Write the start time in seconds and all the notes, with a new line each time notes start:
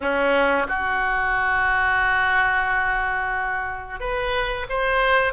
0.00 C#4
0.68 F#4
3.99 B4
4.68 C5